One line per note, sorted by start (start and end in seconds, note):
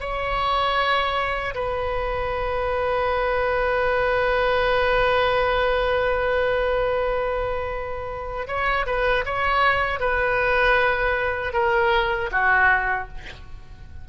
0.00 1.54 C#5
1.55 8.47 B4
8.47 8.86 C#5
8.86 9.24 B4
9.25 10.00 C#5
10.00 11.53 B4
11.53 12.30 A#4
12.31 13.08 F#4